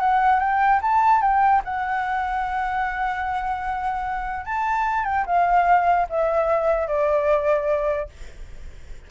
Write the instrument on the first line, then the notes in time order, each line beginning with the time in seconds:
flute
0.00 F#5
0.40 G5
0.82 A5
1.21 G5
1.65 F#5
4.45 A5
5.05 G5
5.26 F5
6.09 E5
6.88 D5